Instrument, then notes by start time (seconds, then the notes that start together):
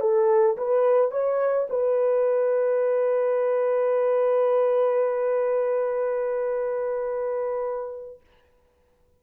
horn
0.00 A4
0.57 B4
1.11 C#5
1.69 B4